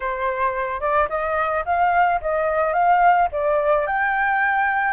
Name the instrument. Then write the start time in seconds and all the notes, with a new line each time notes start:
flute
0.00 C5
0.80 D5
1.09 D#5
1.65 F5
2.21 D#5
2.73 F5
3.32 D5
3.86 G5